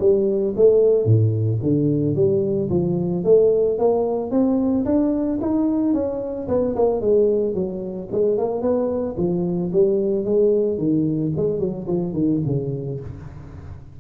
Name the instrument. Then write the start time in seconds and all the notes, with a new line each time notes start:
tuba
0.00 G3
0.56 A3
1.05 A2
1.62 D3
2.15 G3
2.70 F3
3.24 A3
3.79 A#3
4.31 C4
4.86 D4
5.41 D#4
5.94 C#4
6.48 B3
6.76 A#3
7.01 G#3
7.55 F#3
8.12 G#3
8.38 A#3
8.62 B3
9.17 F3
9.72 G3
10.25 G#3
10.78 D#3
11.36 G#3
11.60 F#3
11.87 F3
12.14 D#3
12.46 C#3